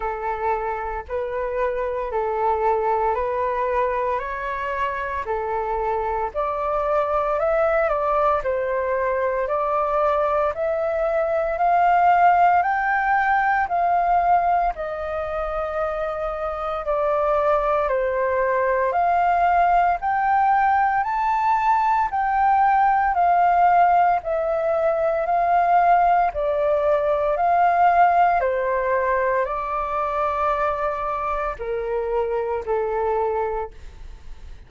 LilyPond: \new Staff \with { instrumentName = "flute" } { \time 4/4 \tempo 4 = 57 a'4 b'4 a'4 b'4 | cis''4 a'4 d''4 e''8 d''8 | c''4 d''4 e''4 f''4 | g''4 f''4 dis''2 |
d''4 c''4 f''4 g''4 | a''4 g''4 f''4 e''4 | f''4 d''4 f''4 c''4 | d''2 ais'4 a'4 | }